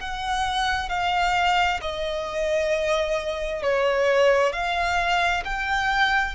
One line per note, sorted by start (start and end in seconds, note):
0.00 0.89 F#5
0.89 1.80 F5
1.81 3.62 D#5
3.62 4.52 C#5
4.52 5.43 F5
5.44 6.35 G5